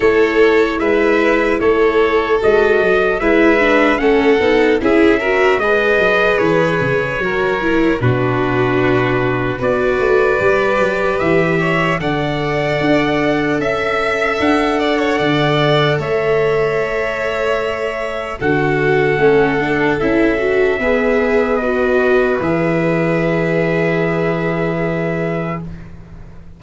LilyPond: <<
  \new Staff \with { instrumentName = "trumpet" } { \time 4/4 \tempo 4 = 75 cis''4 e''4 cis''4 dis''4 | e''4 fis''4 e''4 dis''4 | cis''2 b'2 | d''2 e''4 fis''4~ |
fis''4 e''4 fis''2 | e''2. fis''4~ | fis''4 e''2 dis''4 | e''1 | }
  \new Staff \with { instrumentName = "violin" } { \time 4/4 a'4 b'4 a'2 | b'4 a'4 gis'8 ais'8 b'4~ | b'4 ais'4 fis'2 | b'2~ b'8 cis''8 d''4~ |
d''4 e''4. d''16 cis''16 d''4 | cis''2. a'4~ | a'2 b'2~ | b'1 | }
  \new Staff \with { instrumentName = "viola" } { \time 4/4 e'2. fis'4 | e'8 d'8 cis'8 dis'8 e'8 fis'8 gis'4~ | gis'4 fis'8 e'8 d'2 | fis'4 g'2 a'4~ |
a'1~ | a'2. fis'4 | cis'8 d'8 e'8 fis'8 gis'4 fis'4 | gis'1 | }
  \new Staff \with { instrumentName = "tuba" } { \time 4/4 a4 gis4 a4 gis8 fis8 | gis4 a8 b8 cis'4 gis8 fis8 | e8 cis8 fis4 b,2 | b8 a8 g8 fis8 e4 d4 |
d'4 cis'4 d'4 d4 | a2. d4 | a4 cis'4 b2 | e1 | }
>>